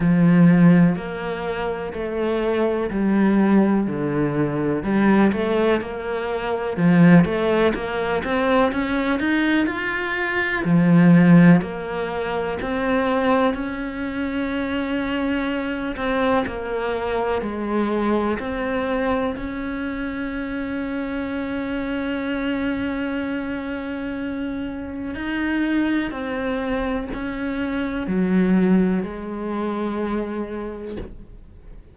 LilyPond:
\new Staff \with { instrumentName = "cello" } { \time 4/4 \tempo 4 = 62 f4 ais4 a4 g4 | d4 g8 a8 ais4 f8 a8 | ais8 c'8 cis'8 dis'8 f'4 f4 | ais4 c'4 cis'2~ |
cis'8 c'8 ais4 gis4 c'4 | cis'1~ | cis'2 dis'4 c'4 | cis'4 fis4 gis2 | }